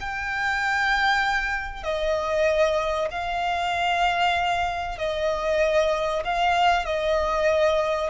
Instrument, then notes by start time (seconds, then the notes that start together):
violin
0.00 G5
1.83 D#5
3.11 F5
4.98 D#5
6.24 F5
6.86 D#5